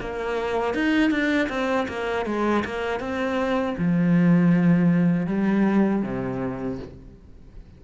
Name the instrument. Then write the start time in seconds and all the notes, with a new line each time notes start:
cello
0.00 A#3
0.74 D#4
1.10 D4
1.49 C4
1.88 A#3
2.26 G#3
2.65 A#3
3.00 C4
3.77 F3
5.26 G3
6.02 C3